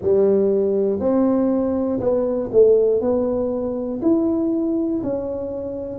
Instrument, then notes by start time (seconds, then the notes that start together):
tuba
0.01 G3
1.00 C4
2.00 B3
2.51 A3
3.00 B3
4.01 E4
5.03 C#4